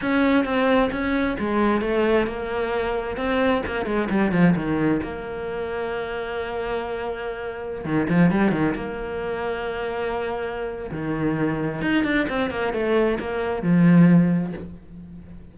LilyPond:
\new Staff \with { instrumentName = "cello" } { \time 4/4 \tempo 4 = 132 cis'4 c'4 cis'4 gis4 | a4 ais2 c'4 | ais8 gis8 g8 f8 dis4 ais4~ | ais1~ |
ais4~ ais16 dis8 f8 g8 dis8 ais8.~ | ais1 | dis2 dis'8 d'8 c'8 ais8 | a4 ais4 f2 | }